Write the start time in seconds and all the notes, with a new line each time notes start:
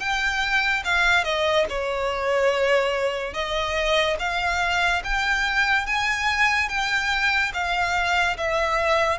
0.00 G5
0.85 F5
1.24 D#5
1.70 C#5
3.34 D#5
4.20 F5
5.05 G5
5.87 G#5
6.69 G5
7.54 F5
8.37 E5